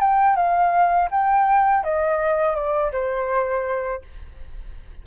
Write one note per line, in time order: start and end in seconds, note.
0.00 0.36 G5
0.36 1.09 F5
1.10 1.83 G5
1.83 2.55 D#5
2.55 2.91 D5
2.92 4.01 C5